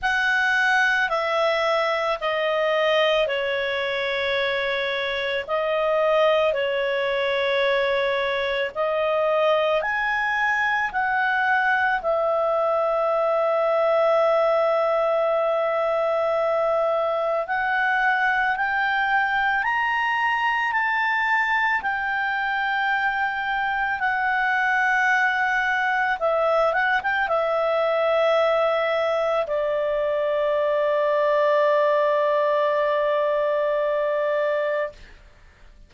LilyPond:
\new Staff \with { instrumentName = "clarinet" } { \time 4/4 \tempo 4 = 55 fis''4 e''4 dis''4 cis''4~ | cis''4 dis''4 cis''2 | dis''4 gis''4 fis''4 e''4~ | e''1 |
fis''4 g''4 ais''4 a''4 | g''2 fis''2 | e''8 fis''16 g''16 e''2 d''4~ | d''1 | }